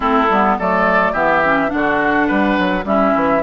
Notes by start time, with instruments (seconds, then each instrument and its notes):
0.00 bassoon A3, clarinet C4, oboe E4, flute A4
0.29 bassoon G3, clarinet B3
0.58 bassoon F#3, clarinet A3, oboe A4, flute D5
1.12 bassoon E3, clarinet B3, oboe G4, flute E5
1.44 clarinet C#4
1.67 bassoon D3, clarinet D4, flute F#5
1.75 oboe F#4
2.27 bassoon G3, oboe B4
2.58 bassoon F#3
2.84 bassoon G3, clarinet C#4, oboe E4, flute E5
3.15 bassoon E3